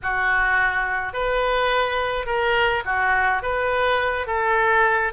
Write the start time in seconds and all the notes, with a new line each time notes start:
0.02 F#4
1.13 B4
2.26 A#4
2.85 F#4
3.42 B4
4.26 A4